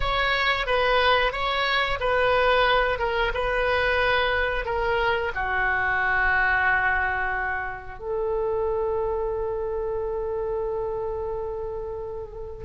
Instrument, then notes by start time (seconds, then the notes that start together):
oboe
0.00 C#5
0.66 B4
1.32 C#5
2.00 B4
2.98 A#4
3.33 B4
4.65 A#4
5.35 F#4
7.98 A4